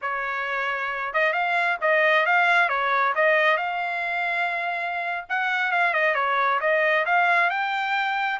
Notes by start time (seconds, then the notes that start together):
0.01 C#5
1.13 D#5
1.32 F5
1.81 D#5
2.26 F5
2.69 C#5
3.15 D#5
3.57 F5
5.29 F#5
5.71 F5
5.93 D#5
6.14 C#5
6.60 D#5
7.05 F5
7.50 G5